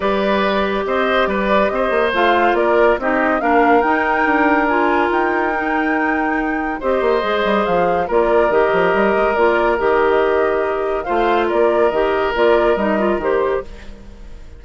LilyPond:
<<
  \new Staff \with { instrumentName = "flute" } { \time 4/4 \tempo 4 = 141 d''2 dis''4 d''4 | dis''4 f''4 d''4 dis''4 | f''4 g''2 gis''4 | g''1 |
dis''2 f''4 d''4 | dis''2 d''4 dis''4~ | dis''2 f''4 d''4 | dis''4 d''4 dis''4 c''4 | }
  \new Staff \with { instrumentName = "oboe" } { \time 4/4 b'2 c''4 b'4 | c''2 ais'4 g'4 | ais'1~ | ais'1 |
c''2. ais'4~ | ais'1~ | ais'2 c''4 ais'4~ | ais'1 | }
  \new Staff \with { instrumentName = "clarinet" } { \time 4/4 g'1~ | g'4 f'2 dis'4 | d'4 dis'2 f'4~ | f'4 dis'2. |
g'4 gis'2 f'4 | g'2 f'4 g'4~ | g'2 f'2 | g'4 f'4 dis'8 f'8 g'4 | }
  \new Staff \with { instrumentName = "bassoon" } { \time 4/4 g2 c'4 g4 | c'8 ais8 a4 ais4 c'4 | ais4 dis'4 d'2 | dis'1 |
c'8 ais8 gis8 g8 f4 ais4 | dis8 f8 g8 gis8 ais4 dis4~ | dis2 a4 ais4 | dis4 ais4 g4 dis4 | }
>>